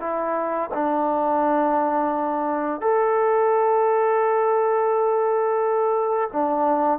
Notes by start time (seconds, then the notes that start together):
0.00 E4
0.74 D4
2.81 A4
6.32 D4